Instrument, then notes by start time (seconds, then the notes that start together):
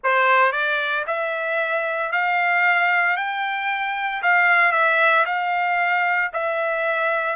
trumpet
0.03 C5
0.52 D5
1.06 E5
2.11 F5
3.16 G5
4.22 F5
4.72 E5
5.25 F5
6.33 E5